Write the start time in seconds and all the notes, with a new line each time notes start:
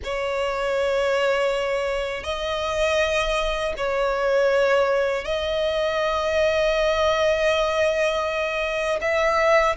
0.04 C#5
2.23 D#5
3.77 C#5
5.24 D#5
9.01 E5